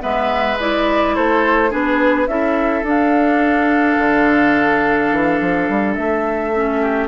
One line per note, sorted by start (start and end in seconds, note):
0.00 1.17 G#3
0.00 0.57 B3
0.00 1.15 B4
0.00 0.59 E5
0.60 1.70 E4
0.60 1.15 D5
1.15 1.73 A3
1.15 1.70 A4
1.15 1.72 C5
1.70 2.28 B3
1.70 2.27 D4
1.70 2.27 G#4
1.70 2.28 B4
2.28 2.83 C#4
2.28 2.84 E4
2.28 6.81 A4
2.28 2.84 E5
2.83 3.96 D4
2.83 6.52 D4
2.83 5.94 F5
3.98 5.11 D3
5.11 5.40 E3
5.41 5.69 F3
5.69 5.97 G3
5.94 7.08 A3
5.94 7.08 E5
6.54 7.08 C#4
6.81 7.08 G4